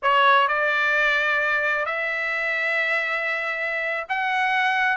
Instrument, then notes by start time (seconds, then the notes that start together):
trumpet
0.02 C#5
0.48 D5
1.85 E5
4.08 F#5